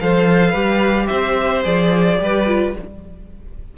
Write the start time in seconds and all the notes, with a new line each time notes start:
0.00 F3 A4 C5 F5
0.51 G3 G4 B4
1.07 C4 C5 E5
1.64 F3 G#4 D5
2.19 G3 G4 B4
2.47 F4